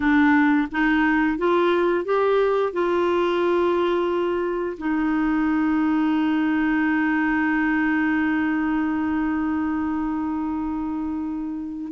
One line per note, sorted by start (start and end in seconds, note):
0.00 0.68 D4
0.71 1.38 D#4
1.38 2.05 F4
2.05 2.72 G4
2.72 4.77 F4
4.78 11.92 D#4